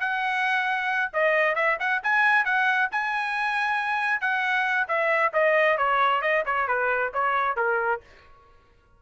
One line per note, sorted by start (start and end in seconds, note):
0.00 1.11 F#5
1.13 1.55 D#5
1.55 1.78 E5
1.80 2.02 F#5
2.03 2.45 G#5
2.45 2.89 F#5
2.92 4.21 G#5
4.21 4.87 F#5
4.88 5.33 E5
5.33 5.78 D#5
5.78 6.22 C#5
6.22 6.44 D#5
6.46 6.68 C#5
6.68 7.12 B4
7.14 7.57 C#5
7.57 8.01 A#4